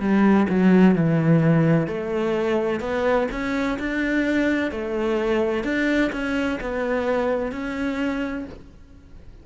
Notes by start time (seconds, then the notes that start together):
0.00 G3
0.50 F#3
0.96 E3
1.88 A3
2.81 B3
3.32 C#4
3.80 D4
4.72 A3
5.65 D4
6.13 C#4
6.61 B3
7.52 C#4